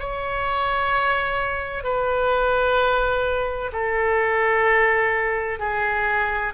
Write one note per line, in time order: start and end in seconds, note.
0.00 1.84 C#5
1.84 3.72 B4
3.73 5.60 A4
5.60 6.54 G#4